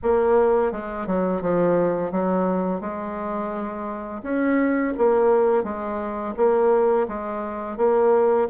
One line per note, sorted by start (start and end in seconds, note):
0.02 0.72 A#3
0.72 1.06 G#3
1.06 1.41 F#3
1.41 2.11 F3
2.11 2.80 F#3
2.80 4.22 G#3
4.23 4.93 C#4
4.97 5.63 A#3
5.63 6.34 G#3
6.36 7.07 A#3
7.07 7.77 G#3
7.77 8.47 A#3